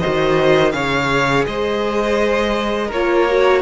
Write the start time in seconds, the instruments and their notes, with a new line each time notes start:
0.00 viola F#4, violin C5 D#5
0.07 cello D#3
0.72 cello C#3, viola G#4, violin C#5 F5
1.47 cello G#3, violin C5 D#5
2.87 cello A#3, violin A#4 C#5
2.94 viola F4
3.29 viola F#4